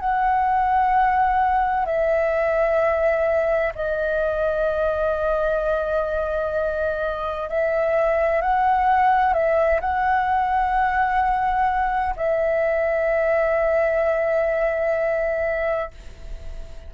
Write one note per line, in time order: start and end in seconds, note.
0.00 1.86 F#5
1.86 3.73 E5
3.75 7.49 D#5
7.49 8.42 E5
8.42 9.34 F#5
9.34 9.81 E5
9.81 12.15 F#5
12.16 15.91 E5